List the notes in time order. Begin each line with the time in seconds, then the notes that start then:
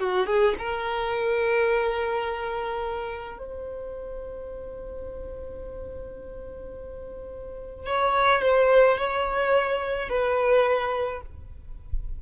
0.00 F#4
0.27 G#4
0.59 A#4
3.39 C5
7.87 C#5
8.42 C5
8.98 C#5
10.10 B4